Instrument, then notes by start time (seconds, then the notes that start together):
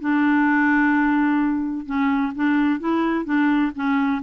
clarinet
0.00 D4
1.86 C#4
2.36 D4
2.80 E4
3.25 D4
3.75 C#4